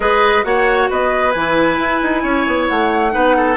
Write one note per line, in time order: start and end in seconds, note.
0.00 0.43 G#3
0.00 0.43 G#4
0.00 0.45 B4
0.00 0.44 D#5
0.43 0.89 A#3
0.43 1.33 F#4
0.43 0.90 C#5
0.43 0.88 F#5
0.90 1.35 B3
0.90 2.22 B4
0.90 1.31 D#5
1.31 1.77 E3
1.31 3.11 E4
1.31 2.65 G#5
1.77 2.00 E4
2.02 2.23 D#4
2.22 2.46 C#4
2.22 3.12 C#5
2.47 2.69 B3
2.68 3.15 A3
2.68 3.57 F#5
3.11 3.57 B3
3.11 3.56 D#4
3.11 3.36 B4
3.36 3.57 A4